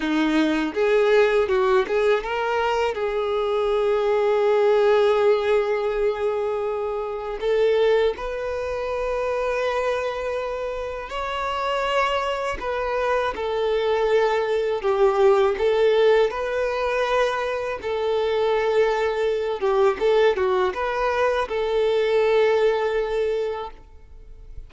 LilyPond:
\new Staff \with { instrumentName = "violin" } { \time 4/4 \tempo 4 = 81 dis'4 gis'4 fis'8 gis'8 ais'4 | gis'1~ | gis'2 a'4 b'4~ | b'2. cis''4~ |
cis''4 b'4 a'2 | g'4 a'4 b'2 | a'2~ a'8 g'8 a'8 fis'8 | b'4 a'2. | }